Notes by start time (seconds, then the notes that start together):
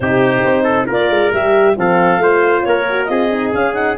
0.00 C3 D#4 G4 C5
0.43 C4
0.63 A4
0.86 A#3 F4 A#4 D5
1.09 G#3
1.32 G3 G4 E5
1.77 F3 C4 A4 F5
2.18 A3 F4 C5
2.62 A#3 A#4 C#5
2.89 F#4
3.04 C4 F4 D#5
3.11 G#4
3.31 D#4
3.53 C#4 F5
3.73 D#4 F#5